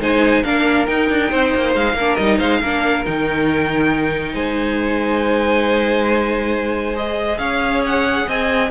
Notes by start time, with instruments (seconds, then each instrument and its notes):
0.00 cello G#3, viola D#4, violin C5 G#5
0.44 cello A#3, viola D4, violin A#4 F5
0.86 viola D#4, cello D#4, violin G5
1.10 cello D4
1.30 cello C4, violin C5
1.55 cello A#3
1.75 cello G#3, violin F5
1.93 cello A#3, violin A#4
2.00 viola D4
2.15 cello G3, viola D#4, violin D#5
2.38 cello G#3, violin C5 F5
2.61 cello A#3, viola D4, violin A#4
3.05 cello D#3, viola D#4, violin G5
4.34 cello G#3, violin C5 G#5
6.95 viola G#4, violin D#5
7.38 cello C#4, violin C#5 F5
7.86 violin F#5
8.27 cello C4, violin D#5 G#5